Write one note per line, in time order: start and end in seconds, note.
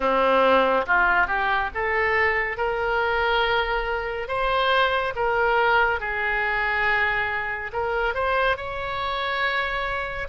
0.00 0.86 C4
0.86 1.27 F4
1.27 1.69 G4
1.74 2.57 A4
2.57 4.27 A#4
4.27 5.13 C5
5.15 6.00 A#4
6.00 7.71 G#4
7.73 8.14 A#4
8.14 8.56 C5
8.56 10.28 C#5